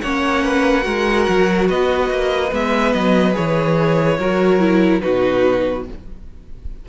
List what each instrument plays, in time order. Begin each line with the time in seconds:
0.00 cello A#3, viola C#4, violin C#5 F#5
0.44 violin B4
0.81 cello G#3, viola F#4, violin A#4
1.28 cello F#3
1.68 cello B3, violin B4 D#5
2.10 cello A#3
2.52 cello G#3, viola B3, violin E5
2.93 cello F#3, violin D#5
3.32 cello E3, viola G#4, violin C#5
4.18 cello F#3, viola F#4, violin A#4
4.59 viola E4
5.01 cello B2, viola D#4, violin F#4 B4